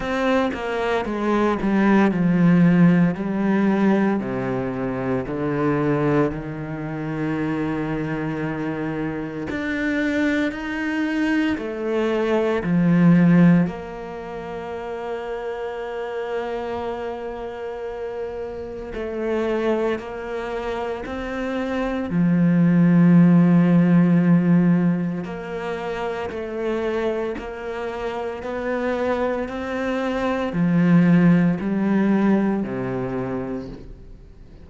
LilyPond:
\new Staff \with { instrumentName = "cello" } { \time 4/4 \tempo 4 = 57 c'8 ais8 gis8 g8 f4 g4 | c4 d4 dis2~ | dis4 d'4 dis'4 a4 | f4 ais2.~ |
ais2 a4 ais4 | c'4 f2. | ais4 a4 ais4 b4 | c'4 f4 g4 c4 | }